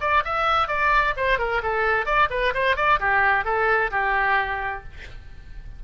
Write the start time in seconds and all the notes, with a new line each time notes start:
0.00 D5
0.24 E5
0.68 D5
1.16 C5
1.38 A#4
1.62 A4
2.05 D5
2.30 B4
2.54 C5
2.76 D5
2.99 G4
3.44 A4
3.91 G4